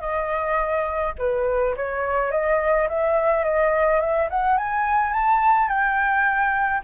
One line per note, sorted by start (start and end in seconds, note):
0.00 1.13 D#5
1.18 1.75 B4
1.76 2.31 C#5
2.31 2.87 D#5
2.88 3.44 E5
3.44 4.00 D#5
4.00 4.28 E5
4.29 4.57 F#5
4.57 5.13 G#5
5.13 5.68 A5
5.68 6.81 G5